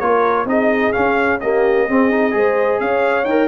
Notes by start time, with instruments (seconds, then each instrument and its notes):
0.00 tuba A#3, trombone F4, horn A#4, trumpet C#5
0.45 tuba C4, trombone D#4, horn G#4, trumpet D#5
0.93 trombone C#4, tuba C#4, trumpet F5
1.41 trombone A#3, horn G4, trumpet D#5
1.88 tuba C4, trombone C4, horn G#4
2.11 trombone D#4
2.32 tuba G#3, trombone G#4, horn C5
2.81 tuba C#4, horn C#5, trumpet F5
3.25 tuba D#4, trombone A#4, trumpet G5